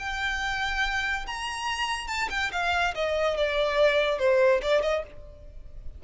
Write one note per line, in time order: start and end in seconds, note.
0.00 1.27 G5
1.28 2.08 A#5
2.08 2.29 A5
2.30 2.52 G5
2.53 2.95 F5
2.95 3.37 D#5
3.37 4.19 D5
4.19 4.62 C5
4.62 4.82 D5
4.82 5.04 D#5